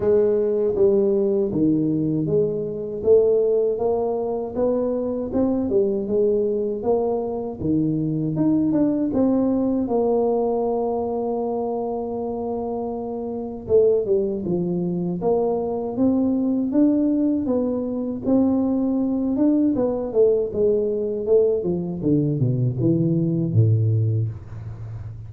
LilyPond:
\new Staff \with { instrumentName = "tuba" } { \time 4/4 \tempo 4 = 79 gis4 g4 dis4 gis4 | a4 ais4 b4 c'8 g8 | gis4 ais4 dis4 dis'8 d'8 | c'4 ais2.~ |
ais2 a8 g8 f4 | ais4 c'4 d'4 b4 | c'4. d'8 b8 a8 gis4 | a8 f8 d8 b,8 e4 a,4 | }